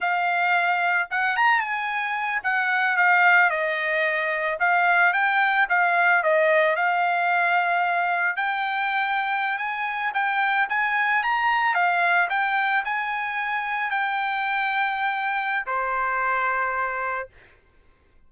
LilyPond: \new Staff \with { instrumentName = "trumpet" } { \time 4/4 \tempo 4 = 111 f''2 fis''8 ais''8 gis''4~ | gis''8 fis''4 f''4 dis''4.~ | dis''8 f''4 g''4 f''4 dis''8~ | dis''8 f''2. g''8~ |
g''4.~ g''16 gis''4 g''4 gis''16~ | gis''8. ais''4 f''4 g''4 gis''16~ | gis''4.~ gis''16 g''2~ g''16~ | g''4 c''2. | }